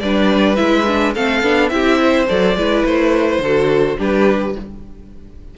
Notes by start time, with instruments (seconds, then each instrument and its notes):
0.00 cello G3, viola D4, violin B4 D5
0.56 cello G#3, viola E4, violin E5
0.87 viola D4
1.14 cello A3, viola C4, violin A4 F5
1.43 cello B3, viola D4
1.69 cello C4, viola E4, violin G4 E5
2.02 violin C5
2.28 cello F#3, viola A4, violin D5
2.56 cello G#3, viola E4, violin B4
2.85 cello A3, violin C5
3.39 cello D3, viola F#4, violin A4
3.98 cello G3, viola D4, violin G4 B4